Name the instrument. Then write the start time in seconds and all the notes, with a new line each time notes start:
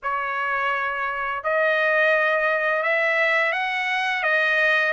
trumpet
0.02 C#5
1.43 D#5
2.82 E5
3.52 F#5
4.23 D#5